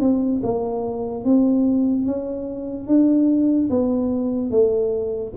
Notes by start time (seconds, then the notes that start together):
0.00 C4
0.43 A#3
1.24 C4
2.06 C#4
2.87 D4
3.70 B3
4.51 A3